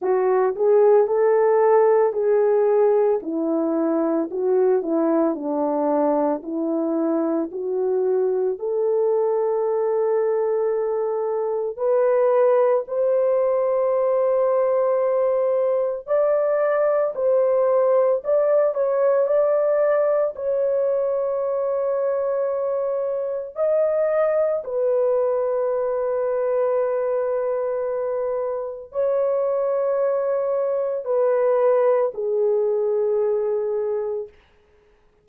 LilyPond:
\new Staff \with { instrumentName = "horn" } { \time 4/4 \tempo 4 = 56 fis'8 gis'8 a'4 gis'4 e'4 | fis'8 e'8 d'4 e'4 fis'4 | a'2. b'4 | c''2. d''4 |
c''4 d''8 cis''8 d''4 cis''4~ | cis''2 dis''4 b'4~ | b'2. cis''4~ | cis''4 b'4 gis'2 | }